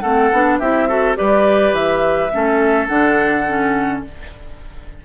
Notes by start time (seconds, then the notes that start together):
0.00 A3 C4 A4 F#5
0.32 B3 D4
0.59 C4 E4 G4 E5
0.88 F#4 A4
1.15 G3 G4 B4 D5
1.72 E3 E5
2.33 A3 C#4 A4
2.87 D3 D4 F#5
3.48 C#4